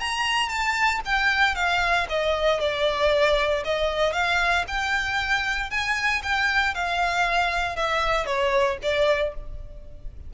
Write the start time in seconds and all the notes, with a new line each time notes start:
0.00 A#5
0.49 A5
1.05 G5
1.55 F5
2.09 D#5
2.60 D5
3.64 D#5
4.13 F5
4.68 G5
5.70 G#5
6.23 G5
6.75 F5
7.76 E5
8.26 C#5
8.82 D5